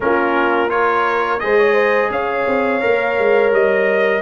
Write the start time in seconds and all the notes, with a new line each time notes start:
0.00 A#3 C#4 F4 A#4
0.68 F4 A#4 C#5
1.39 G#3 G#4 C5 D#5
1.58 C#5
1.73 C5
2.10 C#4 C#5 F5
2.47 C4
2.80 A#3 A#4
3.18 G#3
3.51 G3 D#5